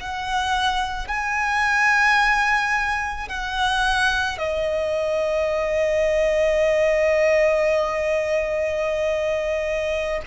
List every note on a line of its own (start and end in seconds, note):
0.00 1.08 F#5
1.08 3.28 G#5
3.28 4.38 F#5
4.38 10.21 D#5